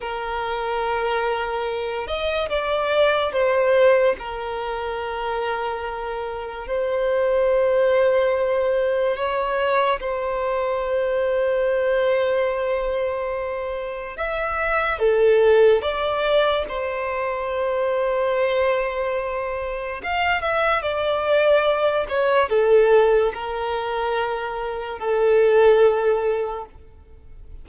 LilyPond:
\new Staff \with { instrumentName = "violin" } { \time 4/4 \tempo 4 = 72 ais'2~ ais'8 dis''8 d''4 | c''4 ais'2. | c''2. cis''4 | c''1~ |
c''4 e''4 a'4 d''4 | c''1 | f''8 e''8 d''4. cis''8 a'4 | ais'2 a'2 | }